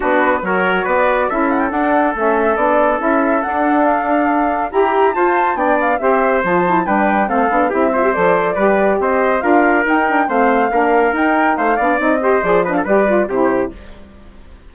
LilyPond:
<<
  \new Staff \with { instrumentName = "flute" } { \time 4/4 \tempo 4 = 140 b'4 cis''4 d''4 e''8 fis''16 g''16 | fis''4 e''4 d''4 e''4 | fis''4 f''2 ais''4 | a''4 g''8 f''8 e''4 a''4 |
g''4 f''4 e''4 d''4~ | d''4 dis''4 f''4 g''4 | f''2 g''4 f''4 | dis''4 d''8 dis''16 f''16 d''4 c''4 | }
  \new Staff \with { instrumentName = "trumpet" } { \time 4/4 fis'4 ais'4 b'4 a'4~ | a'1~ | a'2. g'4 | c''4 d''4 c''2 |
b'4 a'4 g'8 c''4. | b'4 c''4 ais'2 | c''4 ais'2 c''8 d''8~ | d''8 c''4 b'16 a'16 b'4 g'4 | }
  \new Staff \with { instrumentName = "saxophone" } { \time 4/4 d'4 fis'2 e'4 | d'4 cis'4 d'4 e'4 | d'2. g'4 | f'4 d'4 g'4 f'8 e'8 |
d'4 c'8 d'8 e'8 f'16 g'16 a'4 | g'2 f'4 dis'8 d'8 | c'4 d'4 dis'4. d'8 | dis'8 g'8 gis'8 d'8 g'8 f'8 e'4 | }
  \new Staff \with { instrumentName = "bassoon" } { \time 4/4 b4 fis4 b4 cis'4 | d'4 a4 b4 cis'4 | d'2. e'4 | f'4 b4 c'4 f4 |
g4 a8 b8 c'4 f4 | g4 c'4 d'4 dis'4 | a4 ais4 dis'4 a8 b8 | c'4 f4 g4 c4 | }
>>